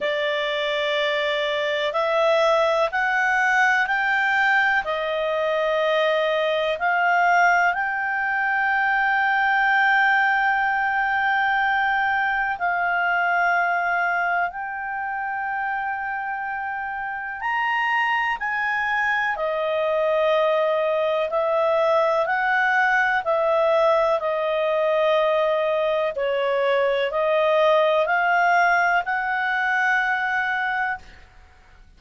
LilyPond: \new Staff \with { instrumentName = "clarinet" } { \time 4/4 \tempo 4 = 62 d''2 e''4 fis''4 | g''4 dis''2 f''4 | g''1~ | g''4 f''2 g''4~ |
g''2 ais''4 gis''4 | dis''2 e''4 fis''4 | e''4 dis''2 cis''4 | dis''4 f''4 fis''2 | }